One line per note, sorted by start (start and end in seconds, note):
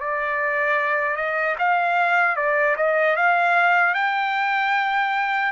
0.00 1.16 D5
1.16 1.56 D#5
1.58 2.36 F5
2.36 2.76 D5
2.76 3.16 D#5
3.16 3.94 F5
3.94 5.52 G5